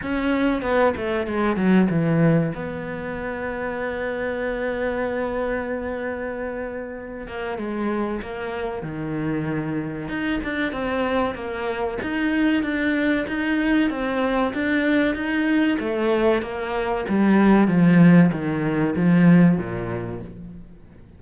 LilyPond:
\new Staff \with { instrumentName = "cello" } { \time 4/4 \tempo 4 = 95 cis'4 b8 a8 gis8 fis8 e4 | b1~ | b2.~ b8 ais8 | gis4 ais4 dis2 |
dis'8 d'8 c'4 ais4 dis'4 | d'4 dis'4 c'4 d'4 | dis'4 a4 ais4 g4 | f4 dis4 f4 ais,4 | }